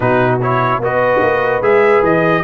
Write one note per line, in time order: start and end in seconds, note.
0.00 0.79 B2
0.00 0.40 D#4
0.00 0.81 F#4
0.00 0.39 B4
0.42 0.82 E4
0.42 0.82 C#5
0.79 1.19 B3
0.79 1.62 F#4
0.79 2.44 B4
0.79 1.62 D#5
1.21 1.61 A#3
1.61 2.01 G#3
1.61 2.43 G#4
1.61 2.03 E5
2.02 2.43 E3
2.02 2.44 D#5